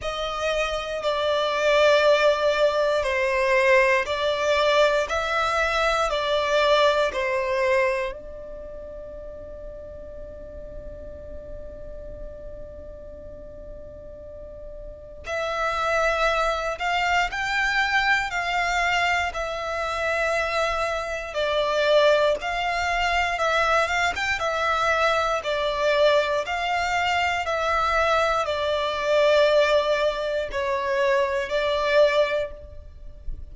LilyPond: \new Staff \with { instrumentName = "violin" } { \time 4/4 \tempo 4 = 59 dis''4 d''2 c''4 | d''4 e''4 d''4 c''4 | d''1~ | d''2. e''4~ |
e''8 f''8 g''4 f''4 e''4~ | e''4 d''4 f''4 e''8 f''16 g''16 | e''4 d''4 f''4 e''4 | d''2 cis''4 d''4 | }